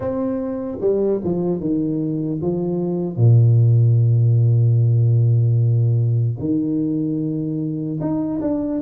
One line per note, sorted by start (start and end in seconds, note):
0.00 0.78 C4
0.80 1.20 G3
1.24 1.60 F3
1.60 2.40 D#3
2.41 3.16 F3
3.16 6.36 A#2
6.39 7.99 D#3
8.00 8.40 D#4
8.41 8.81 D4